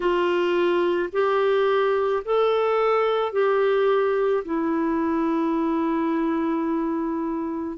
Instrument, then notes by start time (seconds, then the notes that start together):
clarinet
0.00 F4
1.12 G4
2.25 A4
3.32 G4
4.44 E4